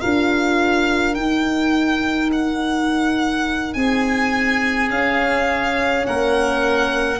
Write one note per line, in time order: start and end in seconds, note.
0.00 1.16 D4
0.00 1.16 F4
0.00 3.75 A#4
0.00 1.14 F5
1.14 4.88 D#4
1.14 3.75 D#4
1.14 2.30 G5
2.32 3.73 F#5
3.73 4.90 C4
3.73 6.06 G#4
3.73 4.88 G#5
4.88 7.19 C#4
4.88 6.05 C#4
4.88 6.06 F5
6.06 7.19 A#3
6.06 7.19 A#4
6.06 7.19 F#5